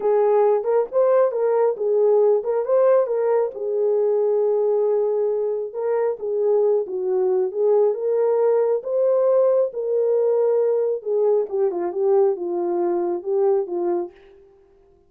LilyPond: \new Staff \with { instrumentName = "horn" } { \time 4/4 \tempo 4 = 136 gis'4. ais'8 c''4 ais'4 | gis'4. ais'8 c''4 ais'4 | gis'1~ | gis'4 ais'4 gis'4. fis'8~ |
fis'4 gis'4 ais'2 | c''2 ais'2~ | ais'4 gis'4 g'8 f'8 g'4 | f'2 g'4 f'4 | }